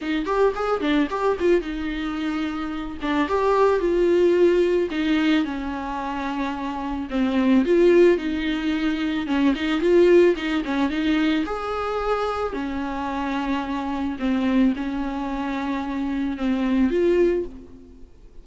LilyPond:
\new Staff \with { instrumentName = "viola" } { \time 4/4 \tempo 4 = 110 dis'8 g'8 gis'8 d'8 g'8 f'8 dis'4~ | dis'4. d'8 g'4 f'4~ | f'4 dis'4 cis'2~ | cis'4 c'4 f'4 dis'4~ |
dis'4 cis'8 dis'8 f'4 dis'8 cis'8 | dis'4 gis'2 cis'4~ | cis'2 c'4 cis'4~ | cis'2 c'4 f'4 | }